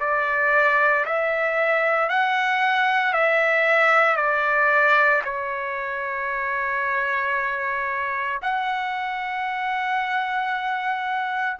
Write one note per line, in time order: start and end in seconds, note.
0.00 1.05 D5
1.05 2.09 E5
2.09 3.13 F#5
3.13 4.16 E5
4.16 5.22 D5
5.24 8.40 C#5
8.42 11.57 F#5